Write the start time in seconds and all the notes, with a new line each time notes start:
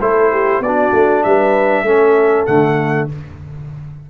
0.00 A3 E4 A4 C5
0.32 G4
0.60 B3 F#4 D5
0.66 D4
0.93 A3
1.23 G3 B4 E5
1.83 A3 C#4 A4
2.46 D3 A3 F#5